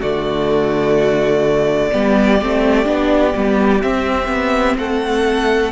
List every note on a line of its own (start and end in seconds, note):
0.00 1.94 D3
0.00 1.92 A3
0.00 1.90 F#4
0.00 3.82 D5
1.92 2.42 G3
1.92 2.40 B3
1.92 4.78 G4
2.42 2.87 A3
2.42 2.85 C4
2.85 3.34 B3
2.85 3.32 D4
3.35 3.84 G3
3.35 3.82 B3
3.82 5.72 C4
3.82 4.28 C4
3.82 4.77 E5
4.28 4.76 B3
4.78 5.72 A3
4.78 5.72 A4
4.78 5.72 F#5